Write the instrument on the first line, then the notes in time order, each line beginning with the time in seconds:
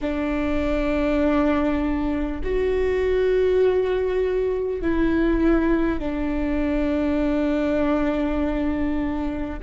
viola
0.01 D4
2.43 F#4
4.81 E4
5.99 D4